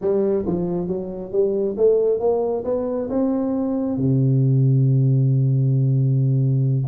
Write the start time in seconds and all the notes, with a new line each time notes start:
0.01 G3
0.46 F3
0.87 F#3
1.32 G3
1.77 A3
2.19 A#3
2.64 B3
3.09 C4
3.97 C3